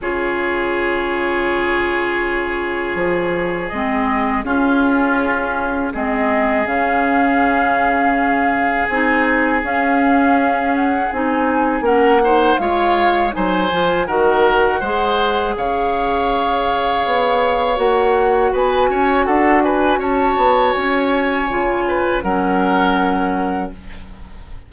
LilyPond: <<
  \new Staff \with { instrumentName = "flute" } { \time 4/4 \tempo 4 = 81 cis''1~ | cis''4 dis''4 gis'2 | dis''4 f''2. | gis''4 f''4. fis''8 gis''4 |
fis''4 f''4 gis''4 fis''4~ | fis''4 f''2. | fis''4 gis''4 fis''8 gis''8 a''4 | gis''2 fis''2 | }
  \new Staff \with { instrumentName = "oboe" } { \time 4/4 gis'1~ | gis'2 f'2 | gis'1~ | gis'1 |
ais'8 c''8 cis''4 c''4 ais'4 | c''4 cis''2.~ | cis''4 b'8 cis''8 a'8 b'8 cis''4~ | cis''4. b'8 ais'2 | }
  \new Staff \with { instrumentName = "clarinet" } { \time 4/4 f'1~ | f'4 c'4 cis'2 | c'4 cis'2. | dis'4 cis'2 dis'4 |
cis'8 dis'8 f'4 dis'8 f'8 fis'4 | gis'1 | fis'1~ | fis'4 f'4 cis'2 | }
  \new Staff \with { instrumentName = "bassoon" } { \time 4/4 cis1 | f4 gis4 cis'2 | gis4 cis2. | c'4 cis'2 c'4 |
ais4 gis4 fis8 f8 dis4 | gis4 cis2 b4 | ais4 b8 cis'8 d'4 cis'8 b8 | cis'4 cis4 fis2 | }
>>